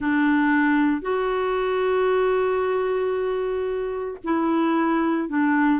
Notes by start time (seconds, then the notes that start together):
0.00 D4
1.01 F#4
4.23 E4
5.29 D4